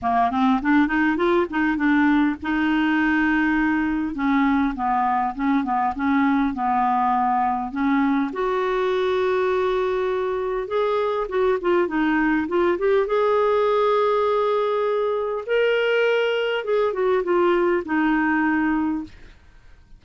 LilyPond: \new Staff \with { instrumentName = "clarinet" } { \time 4/4 \tempo 4 = 101 ais8 c'8 d'8 dis'8 f'8 dis'8 d'4 | dis'2. cis'4 | b4 cis'8 b8 cis'4 b4~ | b4 cis'4 fis'2~ |
fis'2 gis'4 fis'8 f'8 | dis'4 f'8 g'8 gis'2~ | gis'2 ais'2 | gis'8 fis'8 f'4 dis'2 | }